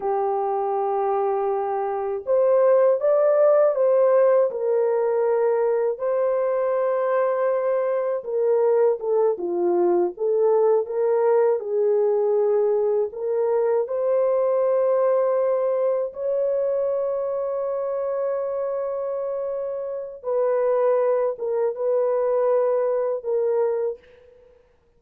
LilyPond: \new Staff \with { instrumentName = "horn" } { \time 4/4 \tempo 4 = 80 g'2. c''4 | d''4 c''4 ais'2 | c''2. ais'4 | a'8 f'4 a'4 ais'4 gis'8~ |
gis'4. ais'4 c''4.~ | c''4. cis''2~ cis''8~ | cis''2. b'4~ | b'8 ais'8 b'2 ais'4 | }